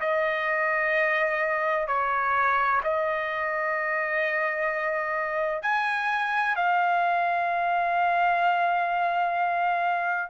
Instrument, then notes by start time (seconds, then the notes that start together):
trumpet
0.00 D#5
1.87 C#5
2.83 D#5
5.62 G#5
6.55 F5